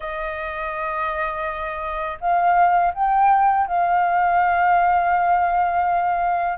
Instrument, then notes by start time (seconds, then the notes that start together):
flute
0.00 D#5
2.20 F5
2.94 G5
3.67 F5